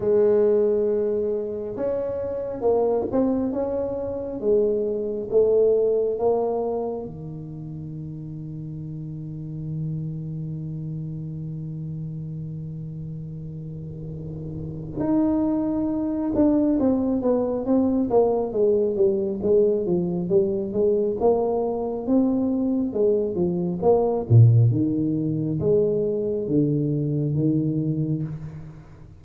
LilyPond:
\new Staff \with { instrumentName = "tuba" } { \time 4/4 \tempo 4 = 68 gis2 cis'4 ais8 c'8 | cis'4 gis4 a4 ais4 | dis1~ | dis1~ |
dis4 dis'4. d'8 c'8 b8 | c'8 ais8 gis8 g8 gis8 f8 g8 gis8 | ais4 c'4 gis8 f8 ais8 ais,8 | dis4 gis4 d4 dis4 | }